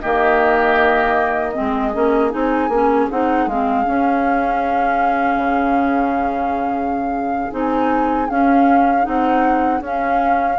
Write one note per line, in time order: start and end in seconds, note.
0.00 1.58 D#3
0.00 1.53 A#3
0.00 1.54 G4
0.00 2.31 D#5
1.53 1.92 C4
1.53 10.57 G#4
1.60 1.95 G#3
1.93 2.33 A#3
1.93 2.30 C#4
2.30 2.68 C4
2.30 2.69 D#4
2.30 3.09 G#5
2.68 3.07 A#3
2.68 3.10 C#4
3.10 3.46 C4
3.10 3.49 D#4
3.10 3.48 F#5
3.46 3.85 G#3
3.46 3.84 C4
3.46 7.52 F5
3.84 7.50 C#4
3.84 5.37 C#4
5.37 7.48 C#3
7.51 8.29 C4
7.51 8.28 D#4
7.51 8.29 G#5
8.28 9.02 C#4
8.28 9.06 C#4
8.28 9.05 F5
9.02 9.80 C4
9.02 9.79 D#4
9.02 9.82 F#5
9.80 10.57 C#4
9.80 10.58 C#4
9.80 10.58 F5